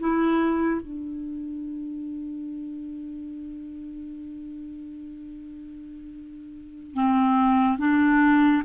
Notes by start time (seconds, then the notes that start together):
0.00 E4
0.81 D4
6.94 C4
7.79 D4